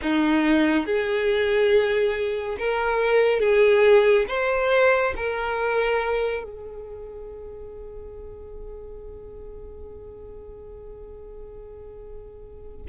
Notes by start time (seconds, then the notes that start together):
0.02 D#4
0.86 G#4
2.58 A#4
3.39 G#4
4.28 C5
5.16 A#4
6.43 G#4